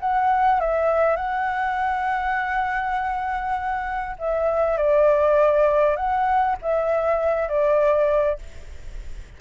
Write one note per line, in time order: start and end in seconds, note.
0.00 0.60 F#5
0.60 1.16 E5
1.16 4.16 F#5
4.19 4.77 E5
4.77 5.96 D5
5.96 6.56 F#5
6.62 7.48 E5
7.48 8.38 D5